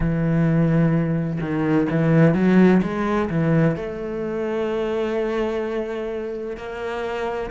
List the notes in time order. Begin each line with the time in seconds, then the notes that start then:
0.00 E3
1.41 D#3
1.90 E3
2.34 F#3
2.82 G#3
3.29 E3
3.76 A3
6.56 A#3